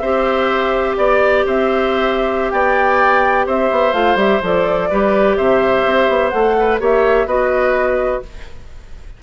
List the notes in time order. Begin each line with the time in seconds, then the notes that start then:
0.00 C4 G4 C5 E5
0.97 B3 D5
1.46 C4 C5 E5
2.51 B3 D5 G5
3.47 C4 C5 E5
3.71 B3
3.93 A3 F4 F5
4.16 G3 G4 E5
4.42 F3 A4 D5
4.90 G3 G4 B4
5.37 C3 C5 E5
5.86 C4
6.09 B3
6.30 A3 A4 F#5
6.60 B4
6.80 A#3 G4 C#5 E5
7.26 B3 F#4 B4 D#5